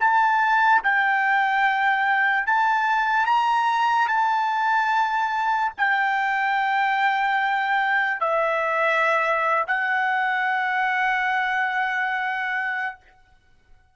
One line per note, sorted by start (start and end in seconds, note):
0.00 0.82 A5
0.83 2.46 G5
2.46 3.26 A5
3.26 4.08 A#5
4.08 5.72 A5
5.77 8.20 G5
8.20 9.64 E5
9.67 12.96 F#5